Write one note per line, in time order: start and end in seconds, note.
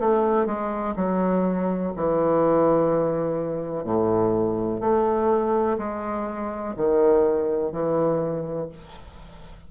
0.00 0.47 A3
0.47 0.95 G#3
0.97 1.94 F#3
1.97 3.84 E3
3.84 4.81 A2
4.81 5.78 A3
5.78 6.75 G#3
6.77 7.72 D#3
7.72 8.69 E3